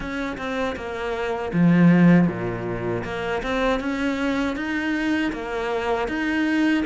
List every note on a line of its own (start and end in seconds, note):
0.00 0.37 C#4
0.37 0.75 C4
0.76 1.52 A#3
1.53 2.28 F3
2.28 3.03 A#2
3.03 3.41 A#3
3.42 3.80 C4
3.80 4.56 C#4
4.56 5.32 D#4
5.32 6.08 A#3
6.08 6.84 D#4